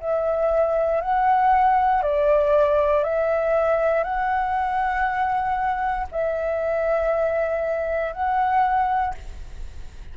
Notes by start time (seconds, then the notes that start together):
0.00 E5
1.01 F#5
2.03 D5
3.04 E5
4.04 F#5
6.12 E5
8.13 F#5